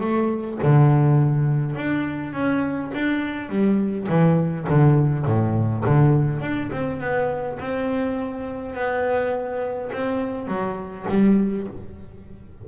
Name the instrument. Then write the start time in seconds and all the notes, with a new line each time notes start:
double bass
0.00 A3
0.62 D3
1.75 D4
2.32 C#4
2.94 D4
3.49 G3
4.09 E3
4.69 D3
5.25 A2
5.85 D3
6.41 D4
6.71 C4
7.00 B3
7.59 C4
8.74 B3
9.92 C4
10.47 F#3
11.09 G3